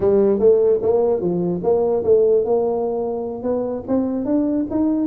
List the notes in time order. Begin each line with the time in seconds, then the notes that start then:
0.00 G3
0.39 A3
0.82 A#3
1.20 F3
1.63 A#3
2.04 A3
2.44 A#3
3.42 B3
3.87 C4
4.25 D4
4.70 D#4